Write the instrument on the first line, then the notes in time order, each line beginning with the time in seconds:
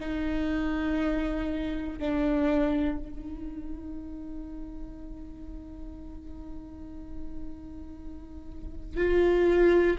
viola
0.00 D#4
1.98 D4
2.98 D#4
8.96 F4